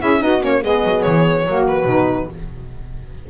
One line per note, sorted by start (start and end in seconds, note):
0.00 0.22 C#4
0.00 0.19 E4
0.00 0.20 G#4
0.00 0.22 E5
0.19 0.42 B3
0.19 0.40 D#4
0.19 0.62 F#4
0.19 0.42 D#5
0.40 0.62 A#3
0.40 0.61 C#4
0.40 0.63 C#5
0.62 0.83 G#3
0.62 1.45 B3
0.62 1.46 G#4
0.62 1.02 D#5
0.83 1.04 F#3
1.02 1.46 E3
1.02 1.64 C#5
1.46 1.85 F#3
1.46 1.87 A#3
1.46 2.29 F#4
1.67 2.29 B4
1.85 2.26 B2
1.85 2.29 D#4